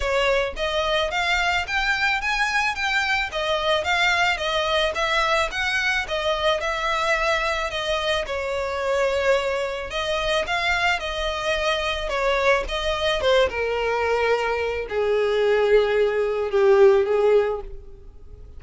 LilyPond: \new Staff \with { instrumentName = "violin" } { \time 4/4 \tempo 4 = 109 cis''4 dis''4 f''4 g''4 | gis''4 g''4 dis''4 f''4 | dis''4 e''4 fis''4 dis''4 | e''2 dis''4 cis''4~ |
cis''2 dis''4 f''4 | dis''2 cis''4 dis''4 | c''8 ais'2~ ais'8 gis'4~ | gis'2 g'4 gis'4 | }